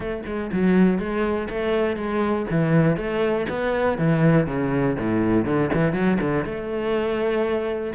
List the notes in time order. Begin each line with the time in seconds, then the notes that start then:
0.00 A3
0.25 G#3
0.52 F#3
0.98 G#3
1.49 A3
1.96 G#3
2.50 E3
2.96 A3
3.49 B3
3.97 E3
4.46 C#3
4.98 A2
5.45 D3
5.73 E3
5.92 F#3
6.21 D3
6.44 A3